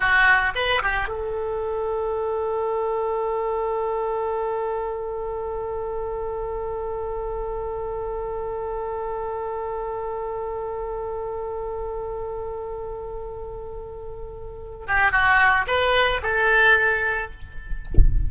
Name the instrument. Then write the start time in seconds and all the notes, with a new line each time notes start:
oboe
0.00 F#4
0.55 B4
0.82 G4
1.08 A4
14.87 G4
15.11 F#4
15.67 B4
16.23 A4